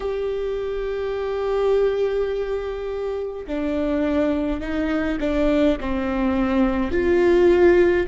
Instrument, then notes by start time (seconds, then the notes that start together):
viola
0.00 G4
3.47 D4
4.60 D#4
5.20 D4
5.80 C4
6.91 F4